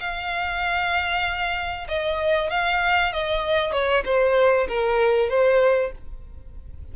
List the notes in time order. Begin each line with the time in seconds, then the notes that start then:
0.00 F5
1.89 D#5
2.51 F5
3.13 D#5
3.72 C#5
4.05 C5
4.68 A#4
5.30 C5